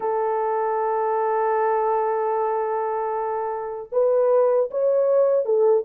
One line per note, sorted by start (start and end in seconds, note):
0.00 3.89 A4
3.92 4.70 B4
4.70 5.45 C#5
5.45 5.84 A4